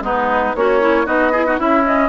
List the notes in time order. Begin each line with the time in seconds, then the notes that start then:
0.00 G#3 B3 D#4 B4
0.55 A#3 C#4 F#4 C#5
0.81 E4
1.05 B3 D#4 F#4 D#5
1.32 E4 G#4
1.46 D#4 F#4
1.58 C#4 E4 E5
1.84 C#4 D#5